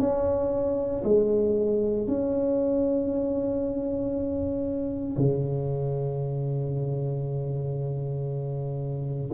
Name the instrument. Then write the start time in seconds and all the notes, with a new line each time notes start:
tuba
0.00 C#4
1.04 G#3
2.08 C#4
5.17 C#3